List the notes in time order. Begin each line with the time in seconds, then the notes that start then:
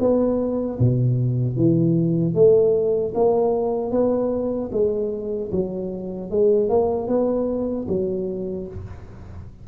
0.00 B3
0.80 B2
1.57 E3
2.35 A3
3.14 A#3
3.91 B3
4.72 G#3
5.52 F#3
6.31 G#3
6.69 A#3
7.08 B3
7.88 F#3